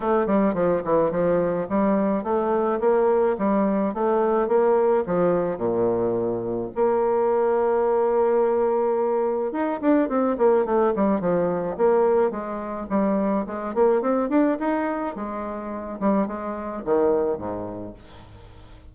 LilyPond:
\new Staff \with { instrumentName = "bassoon" } { \time 4/4 \tempo 4 = 107 a8 g8 f8 e8 f4 g4 | a4 ais4 g4 a4 | ais4 f4 ais,2 | ais1~ |
ais4 dis'8 d'8 c'8 ais8 a8 g8 | f4 ais4 gis4 g4 | gis8 ais8 c'8 d'8 dis'4 gis4~ | gis8 g8 gis4 dis4 gis,4 | }